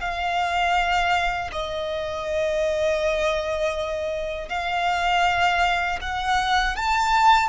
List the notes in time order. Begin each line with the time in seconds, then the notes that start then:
0.00 F5
1.52 D#5
4.48 F5
6.01 F#5
6.75 A5